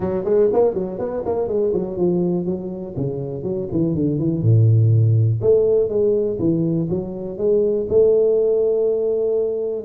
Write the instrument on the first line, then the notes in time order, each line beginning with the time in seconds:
tuba
0.00 F#3
0.24 G#3
0.52 A#3
0.74 F#3
0.98 B3
1.25 A#3
1.48 G#3
1.73 F#3
1.97 F3
2.45 F#3
2.96 C#3
3.43 F#3
3.71 E3
3.94 D3
4.18 E3
4.42 A2
5.41 A3
5.89 G#3
6.39 E3
6.89 F#3
7.37 G#3
7.89 A3